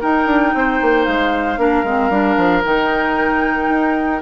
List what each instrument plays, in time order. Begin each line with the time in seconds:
0.00 clarinet D#4, bassoon D#4, oboe A#4, flute G5
0.26 bassoon D4
0.54 bassoon C4, oboe C5
0.81 bassoon A#3
1.04 bassoon G#3, flute F5
1.57 bassoon A#3, clarinet D4, oboe A#4
1.83 bassoon G#3, clarinet C4
2.09 bassoon G3, clarinet D4
2.37 bassoon F3
2.63 bassoon D#3, clarinet D#4, flute G5
3.69 bassoon D#4